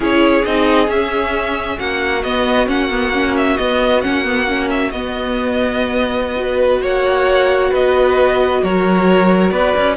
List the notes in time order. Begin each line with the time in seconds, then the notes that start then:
0.00 C#4 E4 G#4 C#5
0.44 C4 D#4 D#5
0.87 C#4 E5
1.78 A#3 F#4 F#5
2.22 B3 D#5
2.66 A#3 C#4 F#5
2.90 B3
3.12 C#4
3.36 E5
3.56 B3 D#5
4.01 A#3 C#4 F#5
4.24 B3
4.47 C#4
4.69 E5
4.91 B3 D#5
6.36 F#4 B4
6.81 A#3 C#5 F#5
7.70 B3 B4 D#5
8.63 F#3 A#4 C#5
9.50 B3 B4 D5
9.76 C#4